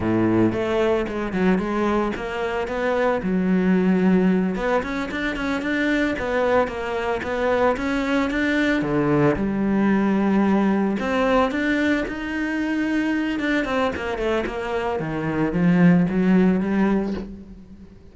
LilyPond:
\new Staff \with { instrumentName = "cello" } { \time 4/4 \tempo 4 = 112 a,4 a4 gis8 fis8 gis4 | ais4 b4 fis2~ | fis8 b8 cis'8 d'8 cis'8 d'4 b8~ | b8 ais4 b4 cis'4 d'8~ |
d'8 d4 g2~ g8~ | g8 c'4 d'4 dis'4.~ | dis'4 d'8 c'8 ais8 a8 ais4 | dis4 f4 fis4 g4 | }